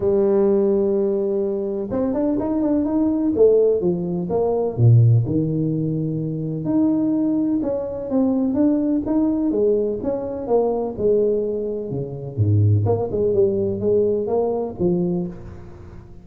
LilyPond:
\new Staff \with { instrumentName = "tuba" } { \time 4/4 \tempo 4 = 126 g1 | c'8 d'8 dis'8 d'8 dis'4 a4 | f4 ais4 ais,4 dis4~ | dis2 dis'2 |
cis'4 c'4 d'4 dis'4 | gis4 cis'4 ais4 gis4~ | gis4 cis4 gis,4 ais8 gis8 | g4 gis4 ais4 f4 | }